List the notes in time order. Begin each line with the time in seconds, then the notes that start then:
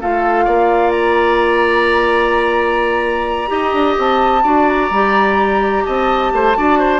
0.00 A3 F4 A4 F5
0.45 A#3 D5
0.90 A#5
3.47 D#4 G4 D#5
3.73 D4
3.98 C4 A5
4.43 D4 F#4 D5
4.68 A#5
4.91 G3 G4
5.85 C4 D#5 A5
6.32 A3 C5
6.56 D4 F#4 D5
6.79 C5